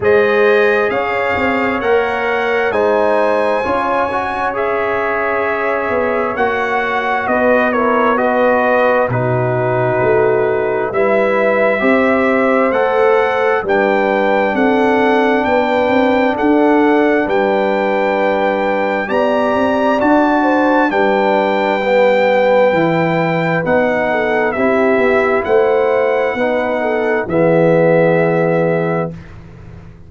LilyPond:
<<
  \new Staff \with { instrumentName = "trumpet" } { \time 4/4 \tempo 4 = 66 dis''4 f''4 fis''4 gis''4~ | gis''4 e''2 fis''4 | dis''8 cis''8 dis''4 b'2 | e''2 fis''4 g''4 |
fis''4 g''4 fis''4 g''4~ | g''4 ais''4 a''4 g''4~ | g''2 fis''4 e''4 | fis''2 e''2 | }
  \new Staff \with { instrumentName = "horn" } { \time 4/4 c''4 cis''2 c''4 | cis''1 | b'8 ais'8 b'4 fis'2 | b'4 c''2 b'4 |
a'4 b'4 a'4 b'4~ | b'4 d''4. c''8 b'4~ | b'2~ b'8 a'8 g'4 | c''4 b'8 a'8 gis'2 | }
  \new Staff \with { instrumentName = "trombone" } { \time 4/4 gis'2 ais'4 dis'4 | f'8 fis'8 gis'2 fis'4~ | fis'8 e'8 fis'4 dis'2 | e'4 g'4 a'4 d'4~ |
d'1~ | d'4 g'4 fis'4 d'4 | b4 e'4 dis'4 e'4~ | e'4 dis'4 b2 | }
  \new Staff \with { instrumentName = "tuba" } { \time 4/4 gis4 cis'8 c'8 ais4 gis4 | cis'2~ cis'8 b8 ais4 | b2 b,4 a4 | g4 c'4 a4 g4 |
c'4 b8 c'8 d'4 g4~ | g4 b8 c'8 d'4 g4~ | g4 e4 b4 c'8 b8 | a4 b4 e2 | }
>>